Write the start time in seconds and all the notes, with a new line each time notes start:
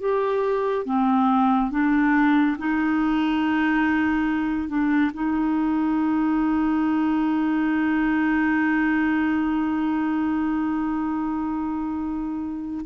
0.00 G4
0.86 C4
1.71 D4
2.59 D#4
4.69 D4
5.14 D#4